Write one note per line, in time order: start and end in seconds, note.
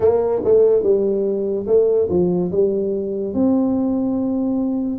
0.00 0.42 A#3
0.44 0.83 A3
0.83 1.66 G3
1.67 2.08 A3
2.09 2.51 F3
2.51 3.34 G3
3.34 4.98 C4